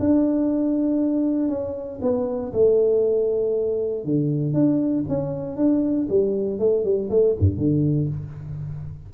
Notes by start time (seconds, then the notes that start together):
0.00 D4
1.49 C#4
2.02 B3
2.53 A3
4.05 D3
4.54 D4
5.09 C#4
5.57 D4
6.09 G3
6.60 A3
6.85 G3
7.10 A3
7.40 G2
7.58 D3